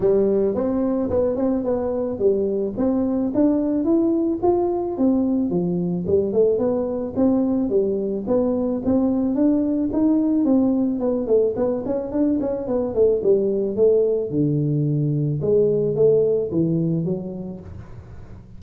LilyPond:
\new Staff \with { instrumentName = "tuba" } { \time 4/4 \tempo 4 = 109 g4 c'4 b8 c'8 b4 | g4 c'4 d'4 e'4 | f'4 c'4 f4 g8 a8 | b4 c'4 g4 b4 |
c'4 d'4 dis'4 c'4 | b8 a8 b8 cis'8 d'8 cis'8 b8 a8 | g4 a4 d2 | gis4 a4 e4 fis4 | }